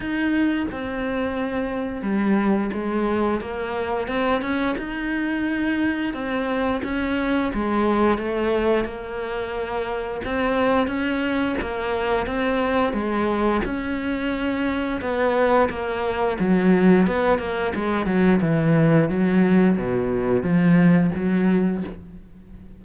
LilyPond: \new Staff \with { instrumentName = "cello" } { \time 4/4 \tempo 4 = 88 dis'4 c'2 g4 | gis4 ais4 c'8 cis'8 dis'4~ | dis'4 c'4 cis'4 gis4 | a4 ais2 c'4 |
cis'4 ais4 c'4 gis4 | cis'2 b4 ais4 | fis4 b8 ais8 gis8 fis8 e4 | fis4 b,4 f4 fis4 | }